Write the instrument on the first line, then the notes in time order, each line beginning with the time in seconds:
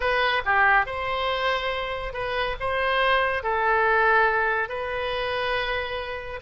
oboe
0.00 B4
0.45 G4
0.86 C5
2.13 B4
2.60 C5
3.43 A4
4.68 B4